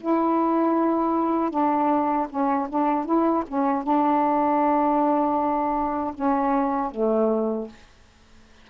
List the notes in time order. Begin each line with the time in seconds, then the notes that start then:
0.00 E4
1.50 D4
2.29 C#4
2.69 D4
3.05 E4
3.47 C#4
3.83 D4
6.14 C#4
6.91 A3